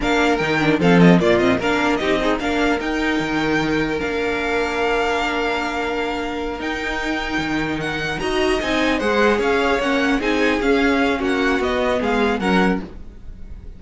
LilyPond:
<<
  \new Staff \with { instrumentName = "violin" } { \time 4/4 \tempo 4 = 150 f''4 g''4 f''8 dis''8 d''8 dis''8 | f''4 dis''4 f''4 g''4~ | g''2 f''2~ | f''1~ |
f''8 g''2. fis''8~ | fis''8 ais''4 gis''4 fis''4 f''8~ | f''8 fis''4 gis''4 f''4. | fis''4 dis''4 f''4 fis''4 | }
  \new Staff \with { instrumentName = "violin" } { \time 4/4 ais'2 a'4 f'4 | ais'4 g'8 dis'8 ais'2~ | ais'1~ | ais'1~ |
ais'1~ | ais'8 dis''2 c''4 cis''8~ | cis''4. gis'2~ gis'8 | fis'2 gis'4 ais'4 | }
  \new Staff \with { instrumentName = "viola" } { \time 4/4 d'4 dis'8 d'8 c'4 ais8 c'8 | d'4 dis'8 gis'8 d'4 dis'4~ | dis'2 d'2~ | d'1~ |
d'8 dis'2.~ dis'8~ | dis'8 fis'4 dis'4 gis'4.~ | gis'8 cis'4 dis'4 cis'4.~ | cis'4 b2 cis'4 | }
  \new Staff \with { instrumentName = "cello" } { \time 4/4 ais4 dis4 f4 ais,4 | ais4 c'4 ais4 dis'4 | dis2 ais2~ | ais1~ |
ais8 dis'2 dis4.~ | dis8 dis'4 c'4 gis4 cis'8~ | cis'8 ais4 c'4 cis'4. | ais4 b4 gis4 fis4 | }
>>